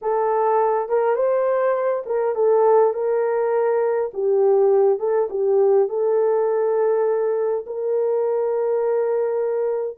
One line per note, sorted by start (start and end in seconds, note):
0.01 0.89 A4
0.89 1.15 A#4
1.15 2.03 C5
2.06 2.35 A#4
2.35 2.93 A4
2.93 4.11 A#4
4.13 4.99 G4
4.99 5.28 A4
5.30 5.88 G4
5.88 7.65 A4
7.66 9.97 A#4